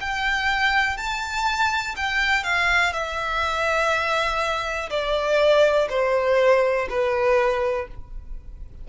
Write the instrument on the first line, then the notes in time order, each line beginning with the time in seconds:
violin
0.00 G5
0.97 A5
1.96 G5
2.43 F5
2.92 E5
4.90 D5
5.89 C5
6.89 B4